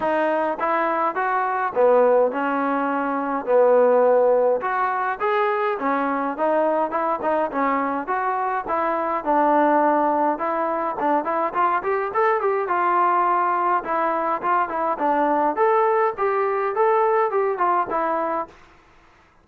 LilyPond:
\new Staff \with { instrumentName = "trombone" } { \time 4/4 \tempo 4 = 104 dis'4 e'4 fis'4 b4 | cis'2 b2 | fis'4 gis'4 cis'4 dis'4 | e'8 dis'8 cis'4 fis'4 e'4 |
d'2 e'4 d'8 e'8 | f'8 g'8 a'8 g'8 f'2 | e'4 f'8 e'8 d'4 a'4 | g'4 a'4 g'8 f'8 e'4 | }